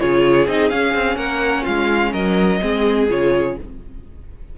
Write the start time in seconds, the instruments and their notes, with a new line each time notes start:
0.00 cello C#3, viola F4, violin G#4 C#5
0.48 cello C4, viola D#4, violin D#5
0.70 cello C#4, viola C#4, violin F5
0.94 cello C4
1.16 cello A#3, violin A#4 F#5
1.63 cello G#3, violin F4 F5
2.13 cello F#3, violin A#4 D#5
2.61 cello G#3, viola C4, violin G#4
3.10 cello C#3, viola F4, violin C#5